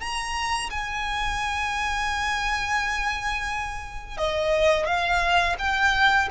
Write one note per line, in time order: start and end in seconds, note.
0.00 0.70 A#5
0.70 4.18 G#5
4.18 4.86 D#5
4.86 5.56 F5
5.59 6.29 G5